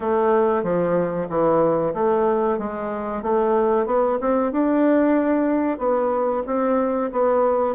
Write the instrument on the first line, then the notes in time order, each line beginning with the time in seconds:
bassoon
0.00 A3
0.63 F3
1.29 E3
1.94 A3
2.58 G#3
3.22 A3
3.86 B3
4.20 C4
4.52 D4
5.78 B3
6.46 C4
7.11 B3